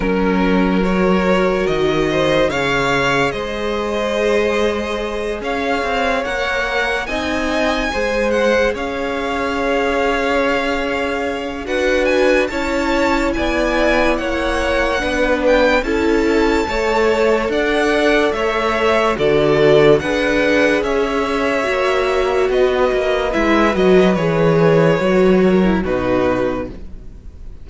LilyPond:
<<
  \new Staff \with { instrumentName = "violin" } { \time 4/4 \tempo 4 = 72 ais'4 cis''4 dis''4 f''4 | dis''2~ dis''8 f''4 fis''8~ | fis''8 gis''4. fis''8 f''4.~ | f''2 fis''8 gis''8 a''4 |
gis''4 fis''4. g''8 a''4~ | a''4 fis''4 e''4 d''4 | fis''4 e''2 dis''4 | e''8 dis''8 cis''2 b'4 | }
  \new Staff \with { instrumentName = "violin" } { \time 4/4 ais'2~ ais'8 c''8 cis''4 | c''2~ c''8 cis''4.~ | cis''8 dis''4 c''4 cis''4.~ | cis''2 b'4 cis''4 |
d''4 cis''4 b'4 a'4 | cis''4 d''4 cis''4 a'4 | b'4 cis''2 b'4~ | b'2~ b'8 ais'8 fis'4 | }
  \new Staff \with { instrumentName = "viola" } { \time 4/4 cis'4 fis'2 gis'4~ | gis'2.~ gis'8 ais'8~ | ais'8 dis'4 gis'2~ gis'8~ | gis'2 fis'4 e'4~ |
e'2 d'4 e'4 | a'2. fis'4 | gis'2 fis'2 | e'8 fis'8 gis'4 fis'8. e'16 dis'4 | }
  \new Staff \with { instrumentName = "cello" } { \time 4/4 fis2 dis4 cis4 | gis2~ gis8 cis'8 c'8 ais8~ | ais8 c'4 gis4 cis'4.~ | cis'2 d'4 cis'4 |
b4 ais4 b4 cis'4 | a4 d'4 a4 d4 | d'4 cis'4 ais4 b8 ais8 | gis8 fis8 e4 fis4 b,4 | }
>>